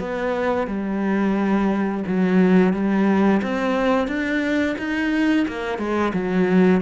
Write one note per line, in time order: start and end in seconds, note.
0.00 0.68 B3
0.68 2.04 G3
2.07 2.73 F#3
2.73 3.42 G3
3.42 4.08 C4
4.08 4.76 D4
4.79 5.47 D#4
5.48 5.79 A#3
5.79 6.13 G#3
6.14 6.82 F#3